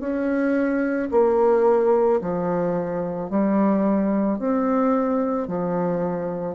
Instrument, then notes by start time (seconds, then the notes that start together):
bassoon
0.00 C#4
1.11 A#3
2.21 F3
3.30 G3
4.39 C4
5.48 F3